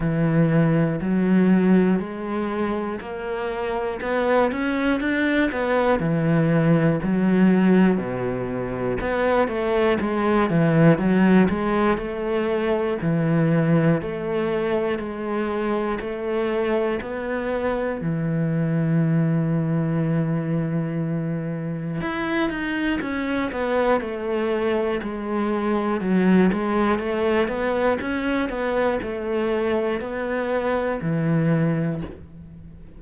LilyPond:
\new Staff \with { instrumentName = "cello" } { \time 4/4 \tempo 4 = 60 e4 fis4 gis4 ais4 | b8 cis'8 d'8 b8 e4 fis4 | b,4 b8 a8 gis8 e8 fis8 gis8 | a4 e4 a4 gis4 |
a4 b4 e2~ | e2 e'8 dis'8 cis'8 b8 | a4 gis4 fis8 gis8 a8 b8 | cis'8 b8 a4 b4 e4 | }